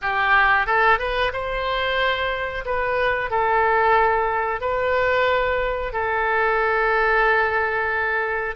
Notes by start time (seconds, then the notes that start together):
0.01 G4
0.66 A4
0.99 B4
1.32 C5
2.65 B4
3.30 A4
4.60 B4
5.93 A4